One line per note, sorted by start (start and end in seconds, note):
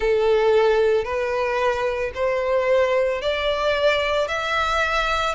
0.00 1.04 A4
1.04 2.11 B4
2.14 3.21 C5
3.21 4.28 D5
4.28 5.35 E5